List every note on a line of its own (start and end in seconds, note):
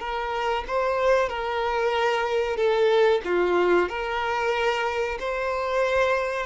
0.00 0.65 A#4
0.67 1.29 C5
1.29 2.57 A#4
2.57 3.21 A4
3.25 3.89 F4
3.89 5.18 A#4
5.20 6.46 C5